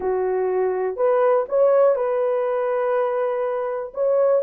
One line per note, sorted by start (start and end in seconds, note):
0.00 0.96 F#4
0.96 1.45 B4
1.48 1.95 C#5
1.95 3.92 B4
3.94 4.42 C#5